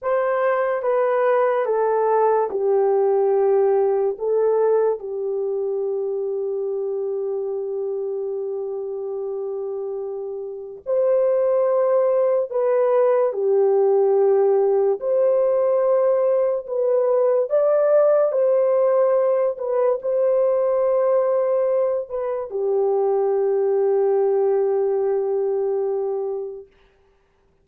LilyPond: \new Staff \with { instrumentName = "horn" } { \time 4/4 \tempo 4 = 72 c''4 b'4 a'4 g'4~ | g'4 a'4 g'2~ | g'1~ | g'4 c''2 b'4 |
g'2 c''2 | b'4 d''4 c''4. b'8 | c''2~ c''8 b'8 g'4~ | g'1 | }